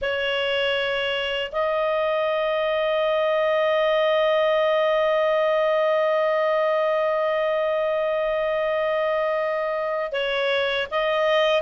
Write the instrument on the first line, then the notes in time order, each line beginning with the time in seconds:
clarinet
0.01 C#5
1.52 D#5
10.12 C#5
10.90 D#5